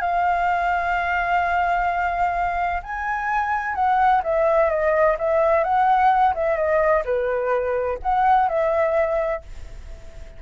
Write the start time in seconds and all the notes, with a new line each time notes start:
0.00 F5
2.83 G#5
3.75 F#5
4.23 E5
4.69 D#5
5.18 E5
5.63 F#5
6.34 E5
6.56 D#5
7.05 B4
8.02 F#5
8.48 E5